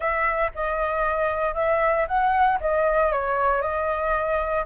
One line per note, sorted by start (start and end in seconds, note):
0.00 0.51 E5
0.55 1.54 D#5
1.54 2.06 E5
2.07 2.59 F#5
2.60 3.12 D#5
3.12 3.61 C#5
3.61 4.65 D#5